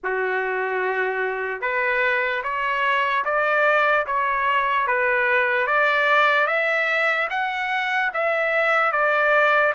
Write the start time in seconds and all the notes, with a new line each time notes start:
0.03 F#4
1.61 B4
2.43 C#5
3.24 D5
4.06 C#5
4.87 B4
5.66 D5
6.46 E5
7.30 F#5
8.13 E5
8.92 D5